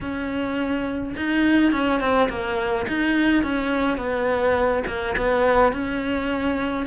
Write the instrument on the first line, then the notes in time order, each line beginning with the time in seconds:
cello
0.01 C#4
1.16 D#4
1.71 C#4
2.00 C4
2.29 A#3
2.88 D#4
3.43 C#4
3.97 B3
4.87 A#3
5.17 B3
5.72 C#4